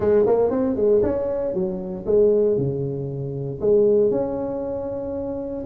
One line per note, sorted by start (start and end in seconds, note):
0.00 0.25 G#3
0.26 0.50 A#3
0.50 0.76 C4
0.76 1.01 G#3
1.02 1.54 C#4
1.54 2.05 F#3
2.05 2.57 G#3
2.57 3.59 C#3
3.60 4.10 G#3
4.10 5.64 C#4